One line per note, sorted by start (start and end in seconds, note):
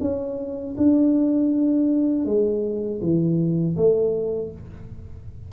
0.00 0.75 C#4
0.77 2.25 D4
2.25 3.00 G#3
3.01 3.76 E3
3.76 4.51 A3